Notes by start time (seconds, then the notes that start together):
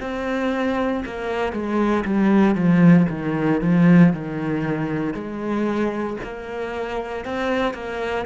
0.00 C4
1.05 A#3
1.52 G#3
2.05 G3
2.54 F3
3.09 D#3
3.61 F3
4.13 D#3
5.13 G#3
6.23 A#3
7.25 C4
7.74 A#3